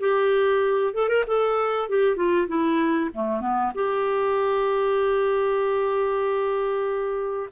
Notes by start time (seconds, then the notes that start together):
0.00 G4
0.94 A4
1.09 A#4
1.27 A4
1.89 G4
2.16 F4
2.48 E4
3.14 A3
3.41 B3
3.74 G4